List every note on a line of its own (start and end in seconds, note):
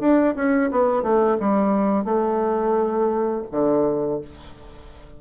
0.00 0.35 D4
0.36 0.71 C#4
0.71 1.03 B3
1.03 1.38 A3
1.40 2.05 G3
2.05 3.44 A3
3.52 4.21 D3